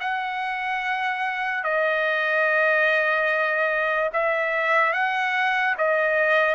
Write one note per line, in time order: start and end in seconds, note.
0.00 1.64 F#5
1.64 4.10 D#5
4.13 4.93 E5
4.93 5.75 F#5
5.78 6.55 D#5